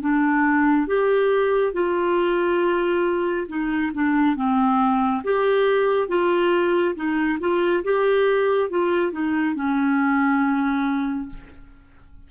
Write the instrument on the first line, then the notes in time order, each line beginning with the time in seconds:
clarinet
0.00 D4
0.87 G4
1.73 F4
3.48 D#4
3.93 D4
4.36 C4
5.23 G4
6.08 F4
6.95 D#4
7.40 F4
7.84 G4
8.69 F4
9.11 D#4
9.55 C#4